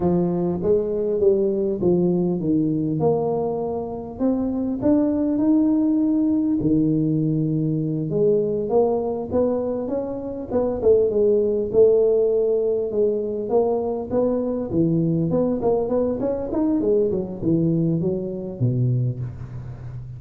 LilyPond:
\new Staff \with { instrumentName = "tuba" } { \time 4/4 \tempo 4 = 100 f4 gis4 g4 f4 | dis4 ais2 c'4 | d'4 dis'2 dis4~ | dis4. gis4 ais4 b8~ |
b8 cis'4 b8 a8 gis4 a8~ | a4. gis4 ais4 b8~ | b8 e4 b8 ais8 b8 cis'8 dis'8 | gis8 fis8 e4 fis4 b,4 | }